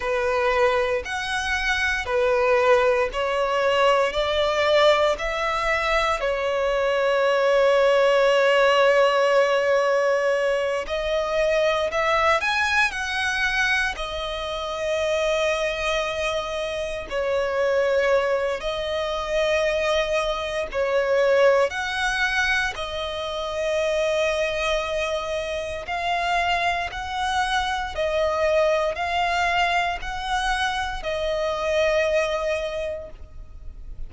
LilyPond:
\new Staff \with { instrumentName = "violin" } { \time 4/4 \tempo 4 = 58 b'4 fis''4 b'4 cis''4 | d''4 e''4 cis''2~ | cis''2~ cis''8 dis''4 e''8 | gis''8 fis''4 dis''2~ dis''8~ |
dis''8 cis''4. dis''2 | cis''4 fis''4 dis''2~ | dis''4 f''4 fis''4 dis''4 | f''4 fis''4 dis''2 | }